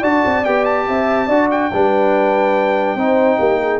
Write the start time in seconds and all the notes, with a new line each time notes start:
0.00 D4 F#4 D5 A5
0.25 C4
0.45 B3 G4 G5
0.65 A5
0.87 C4 E5
1.27 D4 F#4 D5
1.51 G5
1.72 G3 D4 B4
2.95 C4 D#4 C5
3.39 A#3 G4
3.60 G#4